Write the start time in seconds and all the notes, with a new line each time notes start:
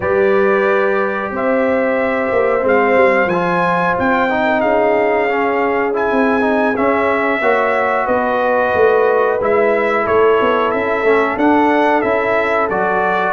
0.00 G3 G4 B4 D5
1.30 C4 C5 E5
2.32 A#3
2.61 G#3 C4
2.67 F5
2.96 G3
3.26 F3 G#5
3.32 F4
3.99 C4 G5
4.29 D#4
4.45 A#4
4.60 C#4 G#4 F5
5.29 C#4
5.93 E4 G#5
6.11 C4
6.40 D#4
6.76 C#4 E5
7.40 A#3 F#4 C#5
8.05 B3 B4 D#5
8.74 A3
9.40 G#3 E4 E5
10.03 A3 A4 C#5
10.40 B3
10.71 C#4 E5
11.02 A3 C#4
11.36 D4 F#5
12.01 C#4 E4 E5
12.69 F#3 F#4 D5